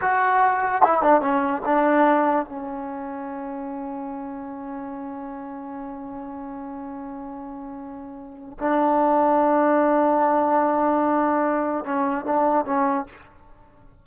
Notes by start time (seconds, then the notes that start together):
0.01 F#4
0.82 E4
1.02 D4
1.21 C#4
1.65 D4
2.45 C#4
8.59 D4
11.84 C#4
12.25 D4
12.65 C#4